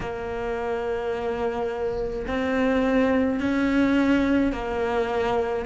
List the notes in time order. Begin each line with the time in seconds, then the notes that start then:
0.00 A#3
2.26 C4
3.40 C#4
4.52 A#3